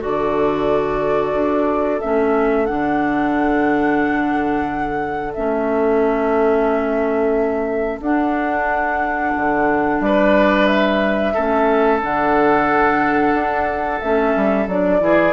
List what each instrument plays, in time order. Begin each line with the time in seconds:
0.00 bassoon D3, clarinet F#4, oboe A4, flute D5
1.33 bassoon D4
2.00 bassoon A3, clarinet C#4, flute E5
2.66 bassoon D3, clarinet D4, flute F#5
5.33 bassoon A3, clarinet C#4, flute E5
8.00 bassoon D4, clarinet D4, flute F#5
9.36 bassoon D3
10.00 bassoon G3, oboe B4, flute D5
10.66 flute E5
11.33 bassoon A3, clarinet C#4, oboe A4
12.01 bassoon D3, clarinet D4, flute F#5
13.33 bassoon D4
14.00 bassoon A3, clarinet C#4, flute E5
14.36 bassoon G3
14.67 bassoon F#3, clarinet D4, flute D5
14.99 bassoon E3, clarinet E4, oboe G#4